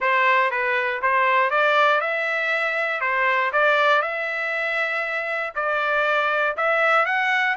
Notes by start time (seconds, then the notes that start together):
0.00 C5
0.50 B4
1.02 C5
1.50 D5
2.00 E5
3.00 C5
3.52 D5
4.02 E5
5.55 D5
6.56 E5
7.05 F#5